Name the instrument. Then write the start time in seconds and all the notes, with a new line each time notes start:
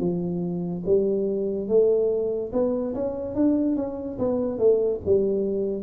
tuba
0.00 F3
0.86 G3
1.68 A3
2.53 B3
2.95 C#4
3.35 D4
3.77 C#4
4.19 B3
4.59 A3
5.05 G3